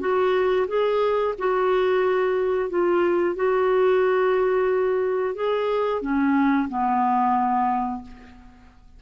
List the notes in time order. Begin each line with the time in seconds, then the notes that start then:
0.00 F#4
0.68 G#4
1.38 F#4
2.70 F4
3.36 F#4
5.35 G#4
6.02 C#4
6.69 B3